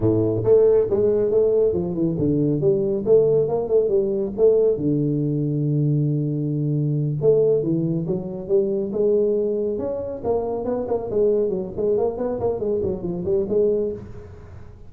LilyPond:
\new Staff \with { instrumentName = "tuba" } { \time 4/4 \tempo 4 = 138 a,4 a4 gis4 a4 | f8 e8 d4 g4 a4 | ais8 a8 g4 a4 d4~ | d1~ |
d8 a4 e4 fis4 g8~ | g8 gis2 cis'4 ais8~ | ais8 b8 ais8 gis4 fis8 gis8 ais8 | b8 ais8 gis8 fis8 f8 g8 gis4 | }